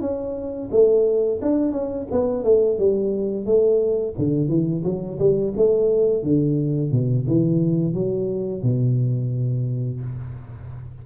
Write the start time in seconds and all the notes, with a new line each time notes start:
0.00 C#4
0.71 A3
1.41 D4
1.71 C#4
2.11 B3
2.44 A3
2.78 G3
3.45 A3
4.18 D3
4.48 E3
4.84 F#3
5.19 G3
5.56 A3
6.23 D3
6.91 B2
7.27 E3
7.93 F#3
8.62 B2